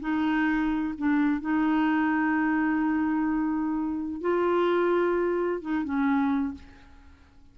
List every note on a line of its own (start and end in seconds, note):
0.00 0.94 D#4
0.97 1.41 D4
1.41 4.20 D#4
4.20 5.61 F4
5.61 5.84 D#4
5.84 6.54 C#4